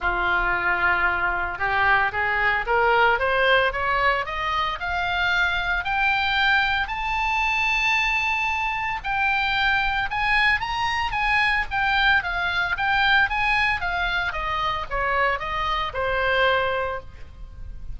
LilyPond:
\new Staff \with { instrumentName = "oboe" } { \time 4/4 \tempo 4 = 113 f'2. g'4 | gis'4 ais'4 c''4 cis''4 | dis''4 f''2 g''4~ | g''4 a''2.~ |
a''4 g''2 gis''4 | ais''4 gis''4 g''4 f''4 | g''4 gis''4 f''4 dis''4 | cis''4 dis''4 c''2 | }